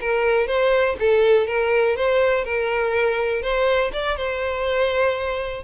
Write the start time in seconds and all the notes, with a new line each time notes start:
0.00 A#4
0.46 C5
0.99 A4
1.47 A#4
1.96 C5
2.44 A#4
3.42 C5
3.93 D5
4.16 C5